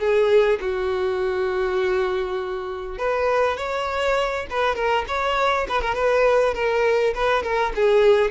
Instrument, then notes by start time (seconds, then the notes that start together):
violin
0.00 G#4
0.61 F#4
2.98 B4
3.57 C#5
4.50 B4
4.75 A#4
5.08 C#5
5.69 B4
5.81 A#4
5.95 B4
6.55 A#4
7.14 B4
7.43 A#4
7.76 G#4